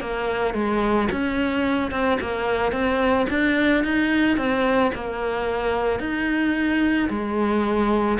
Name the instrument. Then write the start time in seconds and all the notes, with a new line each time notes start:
cello
0.00 A#3
0.54 G#3
1.11 C#4
1.91 C4
2.20 A#3
2.71 C4
3.29 D4
3.84 D#4
4.37 C4
4.94 A#3
6.00 D#4
7.09 G#3